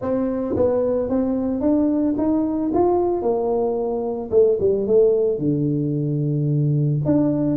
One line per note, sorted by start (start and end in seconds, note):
0.01 0.55 C4
0.56 1.09 B3
1.09 1.60 C4
1.60 2.14 D4
2.17 2.71 D#4
2.73 3.22 F4
3.22 4.30 A#3
4.30 4.57 A3
4.59 4.86 G3
4.86 5.38 A3
5.38 7.00 D3
7.05 7.57 D4